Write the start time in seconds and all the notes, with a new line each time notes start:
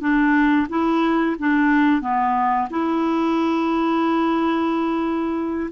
0.00 D4
0.69 E4
1.38 D4
2.01 B3
2.70 E4